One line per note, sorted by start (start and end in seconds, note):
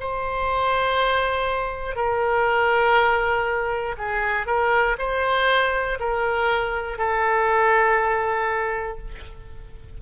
0.00 1.95 C5
1.95 3.95 A#4
3.97 4.46 G#4
4.46 4.96 A#4
4.98 5.98 C5
5.99 6.98 A#4
6.98 8.98 A4